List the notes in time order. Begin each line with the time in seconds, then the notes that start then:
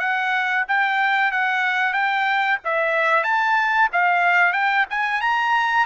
0.00 F#5
0.68 G5
1.32 F#5
1.94 G5
2.65 E5
3.24 A5
3.93 F5
4.54 G5
4.90 G#5
5.22 A#5